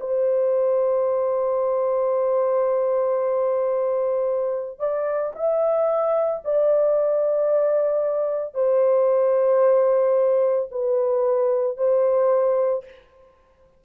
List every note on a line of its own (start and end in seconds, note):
0.00 4.80 C5
4.80 5.33 D5
5.35 6.42 E5
6.45 8.55 D5
8.55 10.69 C5
10.71 11.78 B4
11.78 12.85 C5